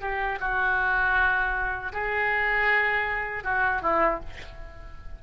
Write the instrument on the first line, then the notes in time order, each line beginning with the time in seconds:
oboe
0.00 G4
0.40 F#4
1.92 G#4
3.43 F#4
3.81 E4